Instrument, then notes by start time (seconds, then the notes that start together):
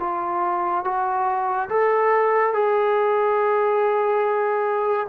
trombone
0.00 F4
0.85 F#4
1.70 A4
2.54 G#4